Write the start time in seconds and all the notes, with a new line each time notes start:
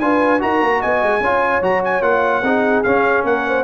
0.00 D4 F4 B4 G#5
0.39 D#4 F#4 A#4 A#5
0.61 A#3
0.80 B3 D#5 G#5
1.02 G#3
1.19 C#4 F4 C#5
1.61 F#3 F#4 A#5
1.84 G#5
2.02 A#3 F4 F#5
2.42 C4 D#4 G#4
2.83 C#4 F5
3.24 A#3 A#4 F#5
3.47 C5